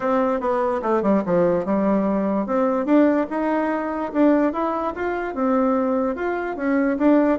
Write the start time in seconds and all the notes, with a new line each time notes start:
0.00 C4
0.40 B3
0.82 A3
1.02 G3
1.25 F3
1.65 G3
2.46 C4
2.85 D4
3.30 D#4
4.12 D4
4.52 E4
4.95 F4
5.34 C4
6.15 F4
6.56 C#4
6.98 D4